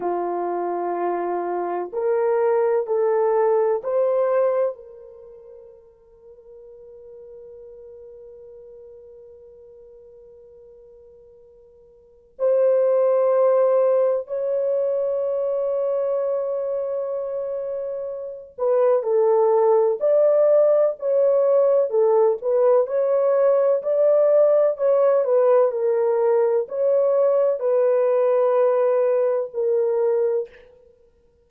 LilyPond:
\new Staff \with { instrumentName = "horn" } { \time 4/4 \tempo 4 = 63 f'2 ais'4 a'4 | c''4 ais'2.~ | ais'1~ | ais'4 c''2 cis''4~ |
cis''2.~ cis''8 b'8 | a'4 d''4 cis''4 a'8 b'8 | cis''4 d''4 cis''8 b'8 ais'4 | cis''4 b'2 ais'4 | }